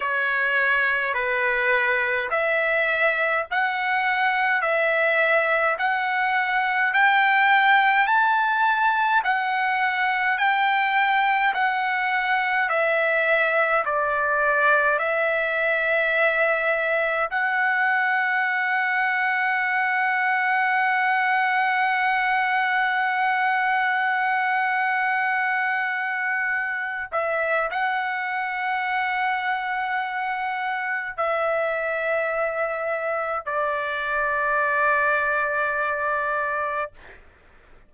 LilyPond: \new Staff \with { instrumentName = "trumpet" } { \time 4/4 \tempo 4 = 52 cis''4 b'4 e''4 fis''4 | e''4 fis''4 g''4 a''4 | fis''4 g''4 fis''4 e''4 | d''4 e''2 fis''4~ |
fis''1~ | fis''2.~ fis''8 e''8 | fis''2. e''4~ | e''4 d''2. | }